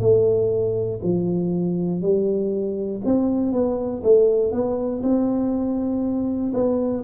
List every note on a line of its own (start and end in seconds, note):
0.00 1.00 A3
1.03 2.02 F3
2.02 3.02 G3
3.05 3.52 C4
3.52 4.02 B3
4.03 4.52 A3
4.52 5.02 B3
5.02 6.52 C4
6.54 7.04 B3